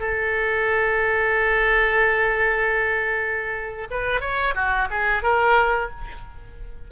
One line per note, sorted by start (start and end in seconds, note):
0.00 3.88 A4
3.91 4.21 B4
4.21 4.54 C#5
4.54 4.88 F#4
4.90 5.23 G#4
5.23 5.90 A#4